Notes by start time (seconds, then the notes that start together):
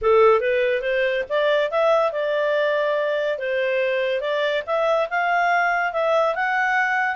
0.01 A4
0.40 B4
0.81 C5
1.29 D5
1.70 E5
2.12 D5
3.38 C5
4.20 D5
4.66 E5
5.10 F5
5.93 E5
6.35 F#5